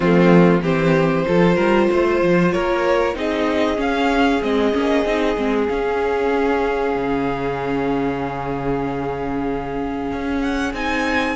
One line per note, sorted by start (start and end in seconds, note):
0.00 0.61 F3
0.00 0.63 A3
0.00 0.60 C4
0.00 0.62 F4
0.61 1.24 E3
0.61 1.26 C4
0.61 1.25 G4
0.61 2.51 C5
1.26 1.57 F3
1.26 3.14 F4
1.26 1.55 A4
1.55 1.89 G3
1.55 1.87 A#4
1.91 2.21 A3
1.91 2.53 C5
2.21 2.53 F3
2.51 3.14 A#3
2.51 3.17 A#4
2.51 3.14 C#5
3.14 3.78 C4
3.14 3.76 D#4
3.14 11.36 G#4
3.14 3.80 D#5
3.76 4.39 C#4
3.76 4.41 C#4
3.76 4.42 F5
4.42 4.74 G#3
4.42 4.72 C4
4.42 5.67 D#5
4.72 5.04 A#3
4.72 5.04 C#4
5.04 5.36 C4
5.04 5.36 D#4
5.36 5.69 G#3
5.36 5.68 C4
5.67 10.73 C#4
5.67 6.95 C#4
5.67 10.40 F5
6.95 10.11 C#3
10.12 10.73 C#4
10.40 10.72 F#5
10.73 11.36 C4
10.73 11.36 D#4
10.73 11.36 G#5